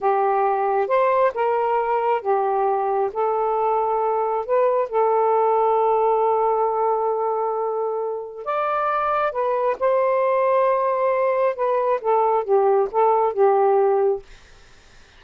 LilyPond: \new Staff \with { instrumentName = "saxophone" } { \time 4/4 \tempo 4 = 135 g'2 c''4 ais'4~ | ais'4 g'2 a'4~ | a'2 b'4 a'4~ | a'1~ |
a'2. d''4~ | d''4 b'4 c''2~ | c''2 b'4 a'4 | g'4 a'4 g'2 | }